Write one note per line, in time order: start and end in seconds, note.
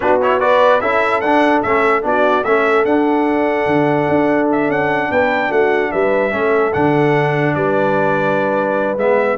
0.00 0.81 B3
0.00 0.20 D4
0.00 0.40 F#4
0.00 0.19 B4
0.21 0.40 E4
0.21 0.40 C#5
0.40 0.81 F#4
0.40 0.81 B4
0.40 0.80 D5
0.80 1.22 C#4
0.80 1.22 E4
0.80 2.04 A4
0.80 1.20 E5
1.20 1.62 D4
1.20 1.64 D4
1.20 1.61 F#5
1.62 2.04 A3
1.62 2.02 C#4
1.62 2.03 E5
2.02 2.44 B3
2.02 2.42 D4
2.02 2.46 F#4
2.02 2.43 D5
2.43 2.85 A3
2.43 2.86 C#4
2.43 5.11 A4
2.43 2.84 E5
2.85 3.66 D4
2.85 6.31 D4
2.85 4.48 F#5
3.66 4.07 D3
4.08 4.68 D4
4.51 4.70 E5
4.68 5.09 C#4
4.68 5.11 F#5
5.11 5.50 B3
5.11 5.49 B4
5.11 5.52 G5
5.49 5.91 A3
5.49 5.90 F#4
5.49 5.91 F#5
5.91 6.33 G3
5.91 6.32 B4
5.91 6.73 E5
6.31 6.73 A3
6.31 6.72 C#4
6.31 7.54 A4
6.73 7.55 D3
6.73 8.97 D4
6.73 7.54 F#5
7.54 8.97 G3
7.54 9.37 B4
7.54 8.97 D5
8.97 9.37 G#3
8.97 9.37 B3
8.97 9.37 E5